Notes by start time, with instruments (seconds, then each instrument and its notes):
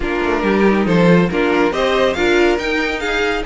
0.00 cello A#3, viola D4, violin F4 A#4
0.23 cello A3
0.42 cello G3, violin G4
0.65 viola D#4
0.86 cello F3, violin A4 C5
1.08 viola F4
1.30 cello A#3, viola D4, violin F4 A#4
1.71 cello C4, viola G4, violin C5 D#5
2.13 cello D4, viola F4, violin A#4 F5
2.58 cello D#4, viola D#4, violin G5
2.99 violin G#4 F5